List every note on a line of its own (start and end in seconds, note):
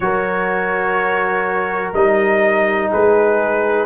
0.00 1.92 F#3
0.00 1.94 F#4
0.00 2.91 A#4
0.00 1.91 C#5
1.93 2.90 G3
1.93 3.86 D#4
1.93 2.90 D#5
2.91 3.86 G#3
2.91 3.86 G#4
2.91 3.86 B4